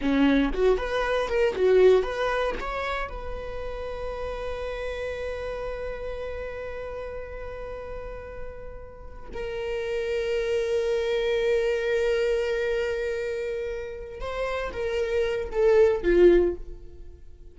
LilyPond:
\new Staff \with { instrumentName = "viola" } { \time 4/4 \tempo 4 = 116 cis'4 fis'8 b'4 ais'8 fis'4 | b'4 cis''4 b'2~ | b'1~ | b'1~ |
b'2 ais'2~ | ais'1~ | ais'2.~ ais'8 c''8~ | c''8 ais'4. a'4 f'4 | }